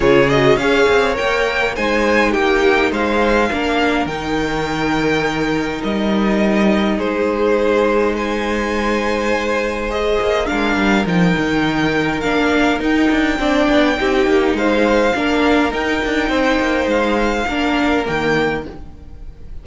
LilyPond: <<
  \new Staff \with { instrumentName = "violin" } { \time 4/4 \tempo 4 = 103 cis''8 dis''8 f''4 g''4 gis''4 | g''4 f''2 g''4~ | g''2 dis''2 | c''2 gis''2~ |
gis''4 dis''4 f''4 g''4~ | g''4 f''4 g''2~ | g''4 f''2 g''4~ | g''4 f''2 g''4 | }
  \new Staff \with { instrumentName = "violin" } { \time 4/4 gis'4 cis''2 c''4 | g'4 c''4 ais'2~ | ais'1 | gis'2 c''2~ |
c''2 ais'2~ | ais'2. d''4 | g'4 c''4 ais'2 | c''2 ais'2 | }
  \new Staff \with { instrumentName = "viola" } { \time 4/4 f'8 fis'8 gis'4 ais'4 dis'4~ | dis'2 d'4 dis'4~ | dis'1~ | dis'1~ |
dis'4 gis'4 d'4 dis'4~ | dis'4 d'4 dis'4 d'4 | dis'2 d'4 dis'4~ | dis'2 d'4 ais4 | }
  \new Staff \with { instrumentName = "cello" } { \time 4/4 cis4 cis'8 c'8 ais4 gis4 | ais4 gis4 ais4 dis4~ | dis2 g2 | gis1~ |
gis4. ais8 gis8 g8 f8 dis8~ | dis4 ais4 dis'8 d'8 c'8 b8 | c'8 ais8 gis4 ais4 dis'8 d'8 | c'8 ais8 gis4 ais4 dis4 | }
>>